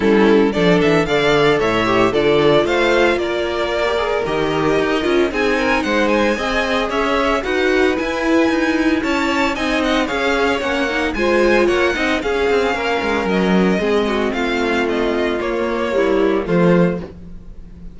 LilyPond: <<
  \new Staff \with { instrumentName = "violin" } { \time 4/4 \tempo 4 = 113 a'4 d''8 e''8 f''4 e''4 | d''4 f''4 d''2 | dis''2 gis''4 fis''8 gis''8~ | gis''4 e''4 fis''4 gis''4~ |
gis''4 a''4 gis''8 fis''8 f''4 | fis''4 gis''4 fis''4 f''4~ | f''4 dis''2 f''4 | dis''4 cis''2 c''4 | }
  \new Staff \with { instrumentName = "violin" } { \time 4/4 e'4 a'4 d''4 cis''4 | a'4 c''4 ais'2~ | ais'2 gis'8 ais'8 c''4 | dis''4 cis''4 b'2~ |
b'4 cis''4 dis''4 cis''4~ | cis''4 c''4 cis''8 dis''8 gis'4 | ais'2 gis'8 fis'8 f'4~ | f'2 e'4 f'4 | }
  \new Staff \with { instrumentName = "viola" } { \time 4/4 cis'4 d'4 a'4. g'8 | f'2.~ f'16 g'16 gis'8 | g'4. f'8 dis'2 | gis'2 fis'4 e'4~ |
e'2 dis'4 gis'4 | cis'8 dis'8 f'4. dis'8 cis'4~ | cis'2 c'2~ | c'4 ais4 g4 a4 | }
  \new Staff \with { instrumentName = "cello" } { \time 4/4 g4 f8 e8 d4 a,4 | d4 a4 ais2 | dis4 dis'8 cis'8 c'4 gis4 | c'4 cis'4 dis'4 e'4 |
dis'4 cis'4 c'4 cis'4 | ais4 gis4 ais8 c'8 cis'8 c'8 | ais8 gis8 fis4 gis4 a4~ | a4 ais2 f4 | }
>>